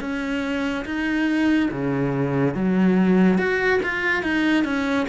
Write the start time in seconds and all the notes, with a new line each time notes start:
0.00 C#4
0.85 D#4
1.71 C#3
2.54 F#3
3.38 F#4
3.83 F4
4.23 D#4
4.64 C#4